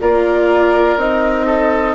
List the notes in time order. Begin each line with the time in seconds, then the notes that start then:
0.00 A#3 F4 A#4 D5
0.96 C4 D#4 D#5
1.45 A4